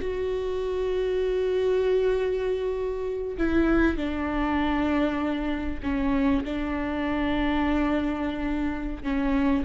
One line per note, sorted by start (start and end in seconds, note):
0.00 3.37 F#4
3.37 3.96 E4
3.96 5.80 D4
5.82 6.43 C#4
6.44 9.03 D4
9.03 9.64 C#4